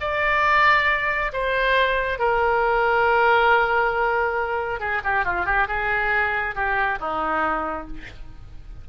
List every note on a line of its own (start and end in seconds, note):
0.00 1.31 D5
1.33 2.18 C5
2.18 4.80 A#4
4.80 5.01 G#4
5.03 5.25 G4
5.25 5.45 F4
5.45 5.67 G4
5.68 6.55 G#4
6.55 6.99 G4
6.99 7.87 D#4